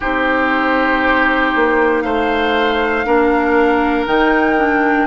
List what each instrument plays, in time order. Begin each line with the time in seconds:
0.00 bassoon C4, clarinet D#4, oboe G4, flute C5
1.55 bassoon A#3
2.01 bassoon A3, oboe C5, flute F5
3.05 bassoon A#3, clarinet D4, oboe A#4
4.06 bassoon D#3, clarinet D#4, flute G5
4.57 clarinet D4